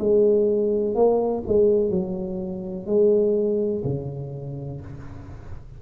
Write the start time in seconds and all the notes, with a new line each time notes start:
0.00 G#3
0.95 A#3
1.48 G#3
1.90 F#3
2.86 G#3
3.85 C#3